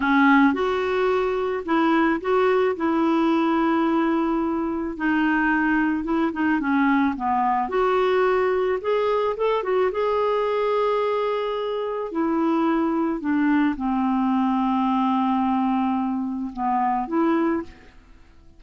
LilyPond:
\new Staff \with { instrumentName = "clarinet" } { \time 4/4 \tempo 4 = 109 cis'4 fis'2 e'4 | fis'4 e'2.~ | e'4 dis'2 e'8 dis'8 | cis'4 b4 fis'2 |
gis'4 a'8 fis'8 gis'2~ | gis'2 e'2 | d'4 c'2.~ | c'2 b4 e'4 | }